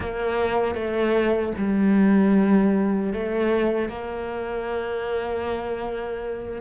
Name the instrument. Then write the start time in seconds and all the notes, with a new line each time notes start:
cello
0.00 A#3
0.74 A3
1.57 G3
3.13 A3
3.88 A#3